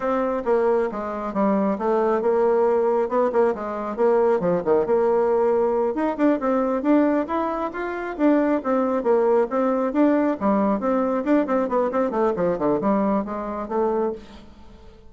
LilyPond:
\new Staff \with { instrumentName = "bassoon" } { \time 4/4 \tempo 4 = 136 c'4 ais4 gis4 g4 | a4 ais2 b8 ais8 | gis4 ais4 f8 dis8 ais4~ | ais4. dis'8 d'8 c'4 d'8~ |
d'8 e'4 f'4 d'4 c'8~ | c'8 ais4 c'4 d'4 g8~ | g8 c'4 d'8 c'8 b8 c'8 a8 | f8 d8 g4 gis4 a4 | }